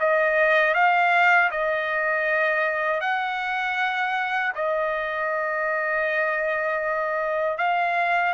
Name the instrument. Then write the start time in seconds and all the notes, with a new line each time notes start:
trumpet
0.00 D#5
0.74 F5
1.51 D#5
3.01 F#5
4.55 D#5
7.58 F5